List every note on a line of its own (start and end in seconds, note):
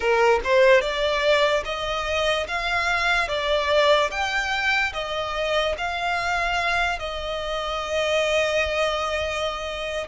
0.00 0.40 A#4
0.44 0.81 C5
0.81 1.63 D5
1.64 2.47 D#5
2.47 3.28 F5
3.28 4.10 D5
4.10 4.92 G5
4.93 5.75 D#5
5.77 6.99 F5
6.99 10.07 D#5